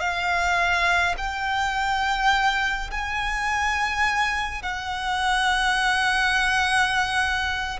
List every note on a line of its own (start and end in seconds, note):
0.00 1.15 F5
1.17 2.91 G5
2.91 4.63 G#5
4.63 7.80 F#5